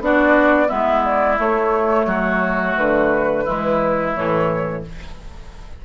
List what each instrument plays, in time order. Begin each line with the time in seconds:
0.00 bassoon B3, clarinet D4, oboe F#4, flute D5
0.68 bassoon G#3, clarinet B3, oboe E4, flute E5
1.05 flute D5
1.38 clarinet A3, bassoon A3, flute C#5
2.06 bassoon F#3, oboe F#4
2.77 bassoon D3, flute B4
3.44 bassoon E3, clarinet G#3, oboe E4
4.15 bassoon A2, clarinet E3, flute C#5